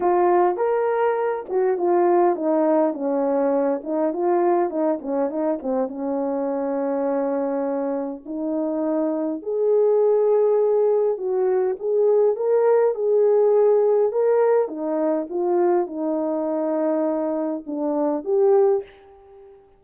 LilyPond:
\new Staff \with { instrumentName = "horn" } { \time 4/4 \tempo 4 = 102 f'4 ais'4. fis'8 f'4 | dis'4 cis'4. dis'8 f'4 | dis'8 cis'8 dis'8 c'8 cis'2~ | cis'2 dis'2 |
gis'2. fis'4 | gis'4 ais'4 gis'2 | ais'4 dis'4 f'4 dis'4~ | dis'2 d'4 g'4 | }